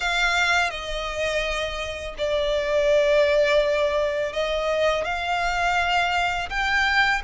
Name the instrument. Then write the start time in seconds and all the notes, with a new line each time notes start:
violin
0.00 F5
0.70 D#5
2.18 D5
4.32 D#5
5.04 F5
6.49 G5